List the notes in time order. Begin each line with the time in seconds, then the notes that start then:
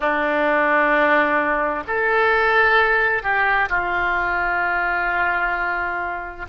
0.00 D4
1.87 A4
3.22 G4
3.69 F4